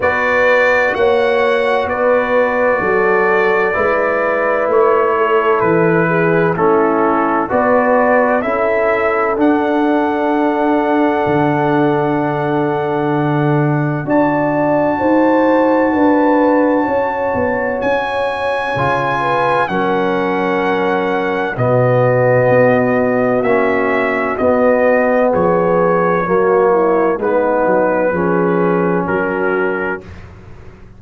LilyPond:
<<
  \new Staff \with { instrumentName = "trumpet" } { \time 4/4 \tempo 4 = 64 d''4 fis''4 d''2~ | d''4 cis''4 b'4 a'4 | d''4 e''4 fis''2~ | fis''2. a''4~ |
a''2. gis''4~ | gis''4 fis''2 dis''4~ | dis''4 e''4 dis''4 cis''4~ | cis''4 b'2 ais'4 | }
  \new Staff \with { instrumentName = "horn" } { \time 4/4 b'4 cis''4 b'4 a'4 | b'4. a'4 gis'8 e'4 | b'4 a'2.~ | a'2. d''4 |
c''4 b'4 cis''2~ | cis''8 b'8 ais'2 fis'4~ | fis'2. gis'4 | fis'8 e'8 dis'4 gis'4 fis'4 | }
  \new Staff \with { instrumentName = "trombone" } { \time 4/4 fis'1 | e'2. cis'4 | fis'4 e'4 d'2~ | d'2. fis'4~ |
fis'1 | f'4 cis'2 b4~ | b4 cis'4 b2 | ais4 b4 cis'2 | }
  \new Staff \with { instrumentName = "tuba" } { \time 4/4 b4 ais4 b4 fis4 | gis4 a4 e4 a4 | b4 cis'4 d'2 | d2. d'4 |
dis'4 d'4 cis'8 b8 cis'4 | cis4 fis2 b,4 | b4 ais4 b4 f4 | fis4 gis8 fis8 f4 fis4 | }
>>